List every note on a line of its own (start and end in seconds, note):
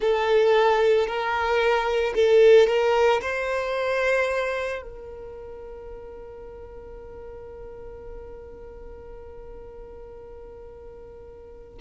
0.00 1.06 A4
1.06 2.13 A#4
2.14 2.67 A4
2.67 3.20 A#4
3.21 4.82 C5
4.82 11.78 A#4